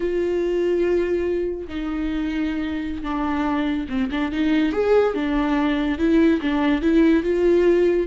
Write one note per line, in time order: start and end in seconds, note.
0.00 1.67 F4
1.67 3.03 D#4
3.03 3.87 D4
3.88 4.09 C4
4.11 4.32 D4
4.32 4.72 D#4
4.72 5.14 G#4
5.14 5.98 D4
5.98 6.40 E4
6.41 6.81 D4
6.81 7.23 E4
7.23 8.07 F4